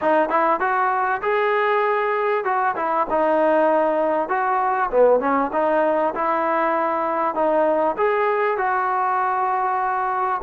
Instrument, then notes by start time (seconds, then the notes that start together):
trombone
0.01 D#4
0.29 E4
0.60 F#4
1.21 G#4
2.44 F#4
2.76 E4
3.09 D#4
4.29 F#4
4.90 B3
5.20 C#4
5.52 D#4
6.14 E4
7.35 D#4
7.97 G#4
8.57 F#4